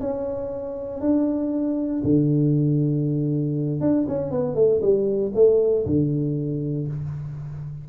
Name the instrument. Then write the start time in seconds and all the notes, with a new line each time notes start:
tuba
0.00 C#4
1.00 D4
2.04 D3
3.81 D4
4.08 C#4
4.31 B3
4.55 A3
4.81 G3
5.35 A3
5.86 D3